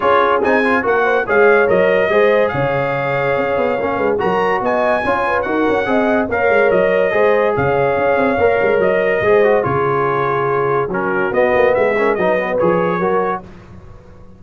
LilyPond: <<
  \new Staff \with { instrumentName = "trumpet" } { \time 4/4 \tempo 4 = 143 cis''4 gis''4 fis''4 f''4 | dis''2 f''2~ | f''2 ais''4 gis''4~ | gis''4 fis''2 f''4 |
dis''2 f''2~ | f''4 dis''2 cis''4~ | cis''2 ais'4 dis''4 | e''4 dis''4 cis''2 | }
  \new Staff \with { instrumentName = "horn" } { \time 4/4 gis'2 ais'8 c''8 cis''4~ | cis''4 c''4 cis''2~ | cis''4. b'8 ais'4 dis''4 | cis''8 b'8 ais'4 dis''4 cis''4~ |
cis''4 c''4 cis''2~ | cis''2 c''4 gis'4~ | gis'2 fis'2 | gis'8 ais'8 b'2 ais'4 | }
  \new Staff \with { instrumentName = "trombone" } { \time 4/4 f'4 dis'8 f'8 fis'4 gis'4 | ais'4 gis'2.~ | gis'4 cis'4 fis'2 | f'4 fis'4 gis'4 ais'4~ |
ais'4 gis'2. | ais'2 gis'8 fis'8 f'4~ | f'2 cis'4 b4~ | b8 cis'8 dis'8 b8 gis'4 fis'4 | }
  \new Staff \with { instrumentName = "tuba" } { \time 4/4 cis'4 c'4 ais4 gis4 | fis4 gis4 cis2 | cis'8 b8 ais8 gis8 fis4 b4 | cis'4 dis'8 cis'8 c'4 ais8 gis8 |
fis4 gis4 cis4 cis'8 c'8 | ais8 gis8 fis4 gis4 cis4~ | cis2 fis4 b8 ais8 | gis4 fis4 f4 fis4 | }
>>